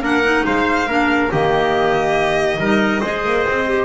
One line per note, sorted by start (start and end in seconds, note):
0.00 0.43 A#3
0.00 0.23 D4
0.00 0.44 A#4
0.00 0.46 F#5
0.23 0.87 D#4
0.45 0.86 G#3
0.45 0.88 C5
0.45 1.31 F5
0.86 1.29 A#3
0.86 1.31 D4
0.86 1.31 A#4
1.31 2.58 D#3
1.31 2.59 A#3
1.31 2.60 G4
1.31 3.85 D#5
2.58 3.01 G3
2.58 3.02 D#4
2.58 3.01 A#4
3.01 3.25 G#3
3.01 3.66 G#4
3.01 3.85 C5
3.25 3.46 A#3
3.49 3.85 C4
3.66 3.85 G4